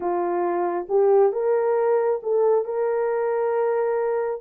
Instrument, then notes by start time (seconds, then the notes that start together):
horn
0.00 F4
0.88 G4
1.32 A#4
2.22 A4
2.65 A#4